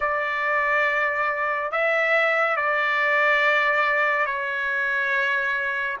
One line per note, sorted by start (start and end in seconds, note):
0.00 1.71 D5
1.71 2.56 E5
2.56 4.25 D5
4.25 5.97 C#5